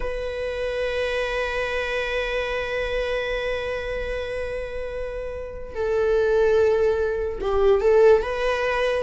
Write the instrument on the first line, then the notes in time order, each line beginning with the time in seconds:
viola
0.00 B4
5.75 A4
7.40 G4
7.80 A4
8.22 B4